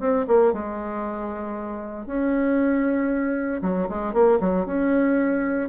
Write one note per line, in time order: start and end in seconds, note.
0.00 0.26 C4
0.28 0.53 A#3
0.53 2.06 G#3
2.06 3.62 C#4
3.62 3.88 F#3
3.89 4.13 G#3
4.13 4.39 A#3
4.40 4.66 F#3
4.66 5.69 C#4